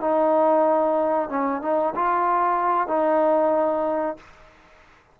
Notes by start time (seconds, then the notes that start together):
0.00 D#4
1.29 C#4
1.62 D#4
1.95 F4
2.87 D#4